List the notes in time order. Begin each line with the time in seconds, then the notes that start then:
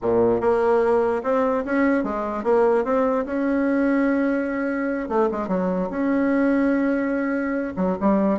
0.01 A#2
0.40 A#3
1.23 C4
1.65 C#4
2.03 G#3
2.43 A#3
2.84 C4
3.25 C#4
5.09 A3
5.31 G#3
5.48 F#3
5.90 C#4
7.76 F#3
8.00 G3